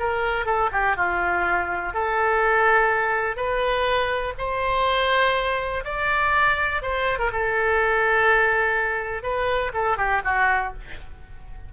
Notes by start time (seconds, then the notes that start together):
0.00 A#4
0.46 A4
0.72 G4
0.97 F4
1.94 A4
3.36 B4
4.38 C5
5.85 D5
6.82 C5
7.19 A#4
7.32 A4
9.23 B4
9.74 A4
9.98 G4
10.25 F#4